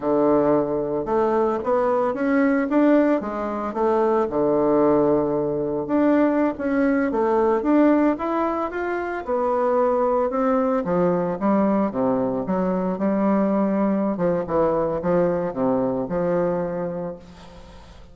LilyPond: \new Staff \with { instrumentName = "bassoon" } { \time 4/4 \tempo 4 = 112 d2 a4 b4 | cis'4 d'4 gis4 a4 | d2. d'4~ | d'16 cis'4 a4 d'4 e'8.~ |
e'16 f'4 b2 c'8.~ | c'16 f4 g4 c4 fis8.~ | fis16 g2~ g16 f8 e4 | f4 c4 f2 | }